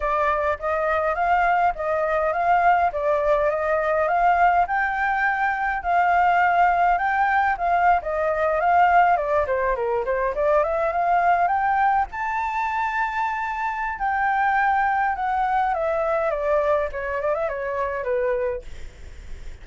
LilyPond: \new Staff \with { instrumentName = "flute" } { \time 4/4 \tempo 4 = 103 d''4 dis''4 f''4 dis''4 | f''4 d''4 dis''4 f''4 | g''2 f''2 | g''4 f''8. dis''4 f''4 d''16~ |
d''16 c''8 ais'8 c''8 d''8 e''8 f''4 g''16~ | g''8. a''2.~ a''16 | g''2 fis''4 e''4 | d''4 cis''8 d''16 e''16 cis''4 b'4 | }